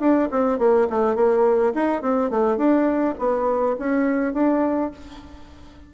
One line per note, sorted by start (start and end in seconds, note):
0.00 0.29 D4
0.31 0.59 C4
0.59 0.88 A#3
0.90 1.16 A3
1.16 1.73 A#3
1.75 2.02 D#4
2.02 2.31 C4
2.31 2.57 A3
2.57 3.15 D4
3.19 3.77 B3
3.79 4.34 C#4
4.34 4.91 D4